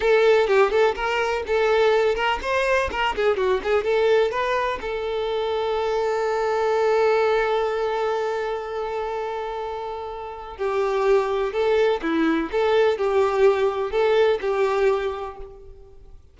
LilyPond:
\new Staff \with { instrumentName = "violin" } { \time 4/4 \tempo 4 = 125 a'4 g'8 a'8 ais'4 a'4~ | a'8 ais'8 c''4 ais'8 gis'8 fis'8 gis'8 | a'4 b'4 a'2~ | a'1~ |
a'1~ | a'2 g'2 | a'4 e'4 a'4 g'4~ | g'4 a'4 g'2 | }